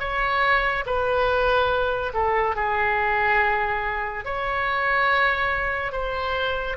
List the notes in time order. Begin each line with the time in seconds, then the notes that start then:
0.00 C#5
0.86 B4
2.14 A4
2.56 G#4
4.25 C#5
5.92 C5